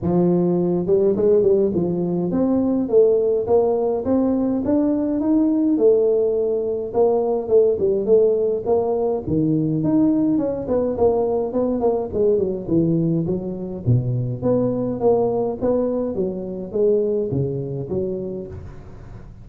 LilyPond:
\new Staff \with { instrumentName = "tuba" } { \time 4/4 \tempo 4 = 104 f4. g8 gis8 g8 f4 | c'4 a4 ais4 c'4 | d'4 dis'4 a2 | ais4 a8 g8 a4 ais4 |
dis4 dis'4 cis'8 b8 ais4 | b8 ais8 gis8 fis8 e4 fis4 | b,4 b4 ais4 b4 | fis4 gis4 cis4 fis4 | }